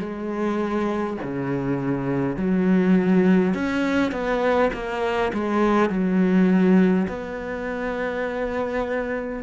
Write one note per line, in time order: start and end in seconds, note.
0.00 1.18 G#3
1.24 2.37 C#3
2.37 3.55 F#3
3.55 4.12 C#4
4.12 4.71 B3
4.74 5.33 A#3
5.34 5.90 G#3
5.90 7.07 F#3
7.09 9.43 B3